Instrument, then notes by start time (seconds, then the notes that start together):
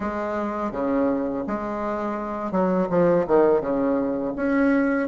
bassoon
0.00 G#3
0.71 C#3
1.47 G#3
2.51 F#3
2.89 F3
3.27 D#3
3.60 C#3
4.36 C#4